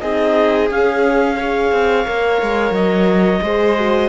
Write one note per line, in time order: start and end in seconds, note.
0.00 0.71 C4
0.00 0.70 D#4
0.00 1.37 G#4
0.00 0.68 D#5
0.70 1.38 C#4
0.70 1.72 C#4
0.70 2.74 F5
1.37 2.06 G#4
1.37 3.42 C#5
1.72 2.06 C4
2.06 2.42 A#3
2.06 3.43 A#4
2.42 2.72 G#3
2.72 3.40 F#3
2.72 4.10 D#5
3.42 4.10 G#3
3.42 3.77 G#4
3.42 4.10 C5
3.78 4.10 F#4